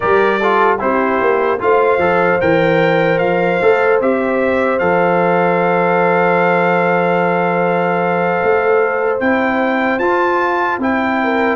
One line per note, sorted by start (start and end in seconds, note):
0.00 0.81 G3
0.00 0.41 G4
0.00 0.39 A#4
0.00 0.78 D5
0.39 0.79 F4
0.39 0.79 A4
0.79 1.21 C4
0.79 1.59 E4
0.79 1.61 G4
0.79 1.61 C5
1.21 1.61 A#3
1.59 1.98 A3
1.59 1.99 F4
1.59 11.22 C5
1.59 2.41 F5
1.98 2.38 F3
1.98 2.39 A4
2.40 3.20 E3
2.40 3.60 A#4
2.40 3.18 G5
3.18 3.60 F3
3.18 3.98 F5
3.61 4.00 A3
3.61 4.02 A4
4.00 4.80 C4
4.00 4.79 G4
4.00 4.78 E5
4.78 8.40 F3
4.78 9.20 A4
4.78 9.18 F5
8.43 9.20 A3
9.20 9.99 C4
9.20 10.00 E4
9.20 9.99 G5
9.99 10.78 F4
9.99 10.80 F4
9.99 10.79 A5
10.78 11.56 C4
10.78 11.56 E4
10.78 11.56 G5
11.22 11.56 A#4